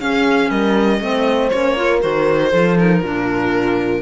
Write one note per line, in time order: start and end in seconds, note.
0.00 0.50 C#4
0.00 1.01 C#4
0.00 0.51 G#4
0.00 0.50 F5
0.50 1.00 G3
0.50 1.01 A#4
0.50 1.49 D#5
1.00 1.50 A3
1.00 1.51 C4
1.00 1.79 C5
1.49 2.03 A#3
1.49 1.76 C#4
1.49 1.99 C#5
1.76 2.01 F4
1.76 2.50 A#4
2.01 2.53 D#3
2.01 2.51 F#4
2.01 2.77 C5
2.50 3.02 F3
2.50 2.77 F4
2.50 3.00 A4
2.77 3.02 D#4
2.77 4.02 A#4
3.02 4.02 A#2
3.02 4.02 D4
3.02 4.02 F4